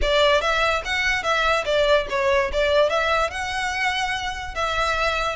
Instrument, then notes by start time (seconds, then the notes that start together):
violin
0.01 D5
0.41 E5
0.84 F#5
1.23 E5
1.65 D5
2.09 C#5
2.52 D5
2.89 E5
3.30 F#5
4.54 E5